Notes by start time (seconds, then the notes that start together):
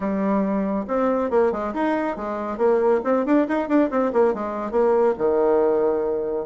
0.00 G3
0.87 C4
1.30 A#3
1.52 G#3
1.74 D#4
2.16 G#3
2.57 A#3
3.04 C4
3.25 D4
3.48 D#4
3.68 D4
3.90 C4
4.12 A#3
4.34 G#3
4.71 A#3
5.17 D#3